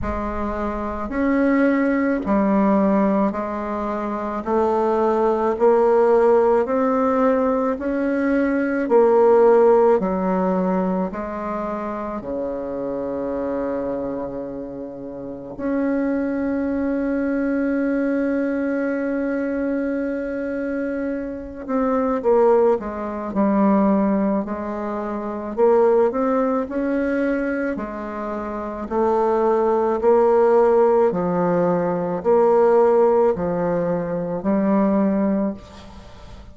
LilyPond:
\new Staff \with { instrumentName = "bassoon" } { \time 4/4 \tempo 4 = 54 gis4 cis'4 g4 gis4 | a4 ais4 c'4 cis'4 | ais4 fis4 gis4 cis4~ | cis2 cis'2~ |
cis'2.~ cis'8 c'8 | ais8 gis8 g4 gis4 ais8 c'8 | cis'4 gis4 a4 ais4 | f4 ais4 f4 g4 | }